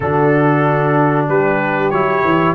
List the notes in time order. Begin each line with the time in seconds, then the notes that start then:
0.00 D3 D4 F#4 A4
1.28 G3 G4 B4
1.90 F#3 E4 C#5
2.24 E3